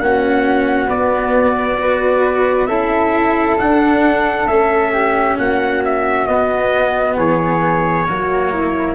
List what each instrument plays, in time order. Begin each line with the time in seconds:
0.00 tuba A#3, cello C#4, flute F#4, trumpet F#5
0.88 cello B3, tuba B3, trumpet D5
1.78 cello F#4, flute B4
2.67 tuba C#4, cello E4, flute A4, trumpet E5
3.59 cello D4, tuba D4, trumpet F#5
4.46 tuba A3, cello C#4, trumpet E5
4.93 flute G4
5.38 tuba A#3, flute F#4, trumpet F#5
5.85 trumpet E5
6.27 cello B3, tuba B3, trumpet D#5
7.17 tuba E3, flute G#4, trumpet C#5
8.07 tuba F#3, cello A#3, flute F#4
8.53 flute E4